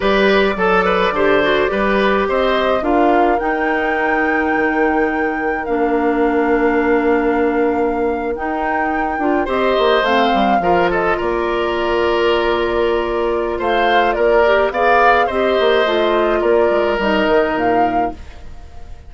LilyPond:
<<
  \new Staff \with { instrumentName = "flute" } { \time 4/4 \tempo 4 = 106 d''1 | dis''4 f''4 g''2~ | g''2 f''2~ | f''2~ f''8. g''4~ g''16~ |
g''8. dis''4 f''4. dis''8 d''16~ | d''1 | f''4 d''4 f''4 dis''4~ | dis''4 d''4 dis''4 f''4 | }
  \new Staff \with { instrumentName = "oboe" } { \time 4/4 b'4 a'8 b'8 c''4 b'4 | c''4 ais'2.~ | ais'1~ | ais'1~ |
ais'8. c''2 ais'8 a'8 ais'16~ | ais'1 | c''4 ais'4 d''4 c''4~ | c''4 ais'2. | }
  \new Staff \with { instrumentName = "clarinet" } { \time 4/4 g'4 a'4 g'8 fis'8 g'4~ | g'4 f'4 dis'2~ | dis'2 d'2~ | d'2~ d'8. dis'4~ dis'16~ |
dis'16 f'8 g'4 c'4 f'4~ f'16~ | f'1~ | f'4. g'8 gis'4 g'4 | f'2 dis'2 | }
  \new Staff \with { instrumentName = "bassoon" } { \time 4/4 g4 fis4 d4 g4 | c'4 d'4 dis'2 | dis2 ais2~ | ais2~ ais8. dis'4~ dis'16~ |
dis'16 d'8 c'8 ais8 a8 g8 f4 ais16~ | ais1 | a4 ais4 b4 c'8 ais8 | a4 ais8 gis8 g8 dis8 ais,4 | }
>>